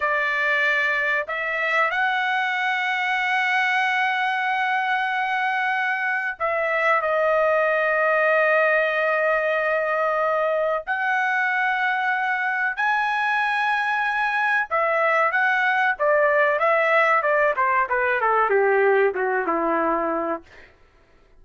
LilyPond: \new Staff \with { instrumentName = "trumpet" } { \time 4/4 \tempo 4 = 94 d''2 e''4 fis''4~ | fis''1~ | fis''2 e''4 dis''4~ | dis''1~ |
dis''4 fis''2. | gis''2. e''4 | fis''4 d''4 e''4 d''8 c''8 | b'8 a'8 g'4 fis'8 e'4. | }